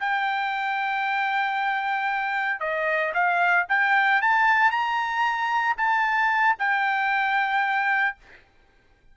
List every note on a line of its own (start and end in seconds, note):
0.00 2.60 G5
2.60 3.13 D#5
3.14 3.67 F5
3.69 4.22 G5
4.22 4.71 A5
4.71 5.76 A#5
5.77 6.56 A5
6.59 8.17 G5